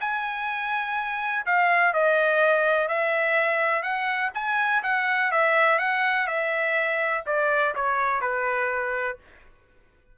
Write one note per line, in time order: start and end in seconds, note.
0.00 1.45 G#5
1.46 1.93 F5
1.93 2.88 D#5
2.88 3.82 E5
3.82 4.31 F#5
4.34 4.82 G#5
4.83 5.31 F#5
5.31 5.79 E5
5.79 6.27 F#5
6.27 7.24 E5
7.26 7.74 D5
7.75 8.21 C#5
8.21 9.18 B4